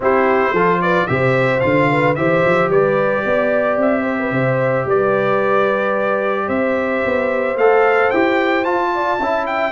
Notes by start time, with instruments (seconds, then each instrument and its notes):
0.00 tuba C4, trombone E4, horn G4, trumpet C5
0.52 tuba F3, trombone F4, horn A4
0.81 horn B4, trumpet D5
1.07 tuba C3, trombone G4, horn C5, trumpet E5
1.60 tuba D3, trombone F4, trumpet F5
1.91 horn B4
2.15 tuba E3, trombone G4, horn C5, trumpet E5
2.45 tuba F3
2.69 tuba G3, horn B4, trumpet D5
3.25 tuba B3, horn D5
3.77 tuba C4, trumpet E5
4.01 horn C5
4.19 horn B4
4.31 tuba C3, horn C5
4.86 tuba G3, horn B4, trumpet D5
6.46 tuba C4, horn C5, trumpet E5
7.05 tuba B3
7.56 tuba A3, trombone A4, trumpet F5
8.10 tuba E4, trombone G4, trumpet G5
8.64 trombone F4, tuba F4, trumpet A5
8.94 horn D5
9.19 tuba C#4, trombone E4, horn E5
9.46 trumpet G5